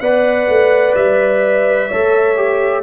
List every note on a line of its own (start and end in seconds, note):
0.00 0.47 B3
0.00 1.90 B4
0.00 1.88 D5
0.00 0.94 F#5
0.47 0.94 A3
0.95 1.90 G3
0.95 2.82 E5
1.88 2.82 A3
1.88 2.35 A4
1.88 2.82 C#5
2.35 2.82 G4